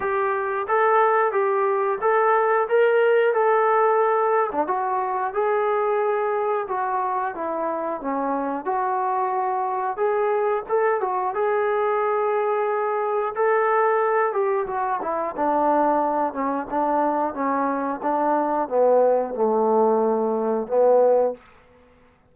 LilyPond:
\new Staff \with { instrumentName = "trombone" } { \time 4/4 \tempo 4 = 90 g'4 a'4 g'4 a'4 | ais'4 a'4.~ a'16 d'16 fis'4 | gis'2 fis'4 e'4 | cis'4 fis'2 gis'4 |
a'8 fis'8 gis'2. | a'4. g'8 fis'8 e'8 d'4~ | d'8 cis'8 d'4 cis'4 d'4 | b4 a2 b4 | }